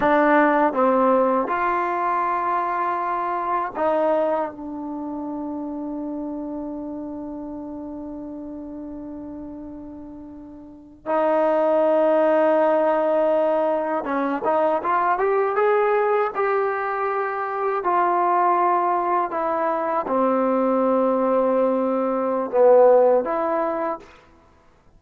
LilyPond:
\new Staff \with { instrumentName = "trombone" } { \time 4/4 \tempo 4 = 80 d'4 c'4 f'2~ | f'4 dis'4 d'2~ | d'1~ | d'2~ d'8. dis'4~ dis'16~ |
dis'2~ dis'8. cis'8 dis'8 f'16~ | f'16 g'8 gis'4 g'2 f'16~ | f'4.~ f'16 e'4 c'4~ c'16~ | c'2 b4 e'4 | }